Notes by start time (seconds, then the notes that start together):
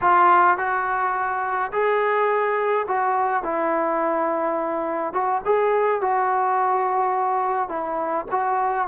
0.01 F4
0.57 F#4
1.72 G#4
2.87 F#4
3.43 E4
5.13 F#4
5.45 G#4
6.01 F#4
7.68 E4
8.31 F#4